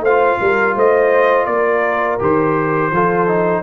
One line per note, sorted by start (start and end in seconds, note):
0.00 0.36 A3
0.00 0.39 C5
0.00 0.76 F5
0.06 2.19 F4
0.39 0.75 G3
0.39 0.75 A#4
0.75 1.46 A3
0.75 1.47 C5
0.75 1.45 D#5
1.45 2.18 A#3
1.45 2.93 A#4
1.45 2.17 D5
2.19 2.90 D#3
2.19 2.91 G4
2.19 3.62 C5
2.90 3.62 F3
2.90 3.27 F4
2.90 3.62 A4
3.27 3.62 D#4